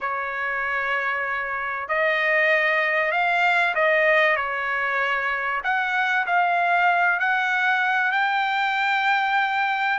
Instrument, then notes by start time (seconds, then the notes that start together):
trumpet
0.00 C#5
1.88 D#5
3.11 F5
3.74 D#5
4.36 C#5
5.63 F#5
6.26 F5
7.19 F#5
8.11 G5